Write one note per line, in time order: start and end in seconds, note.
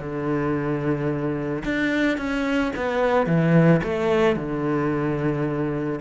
0.00 1.64 D3
1.65 2.18 D4
2.18 2.72 C#4
2.76 3.27 B3
3.27 3.81 E3
3.83 4.36 A3
4.36 6.00 D3